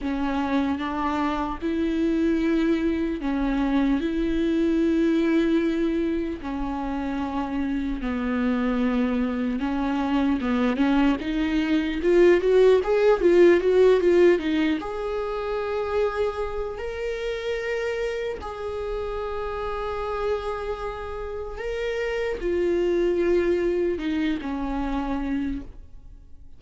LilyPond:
\new Staff \with { instrumentName = "viola" } { \time 4/4 \tempo 4 = 75 cis'4 d'4 e'2 | cis'4 e'2. | cis'2 b2 | cis'4 b8 cis'8 dis'4 f'8 fis'8 |
gis'8 f'8 fis'8 f'8 dis'8 gis'4.~ | gis'4 ais'2 gis'4~ | gis'2. ais'4 | f'2 dis'8 cis'4. | }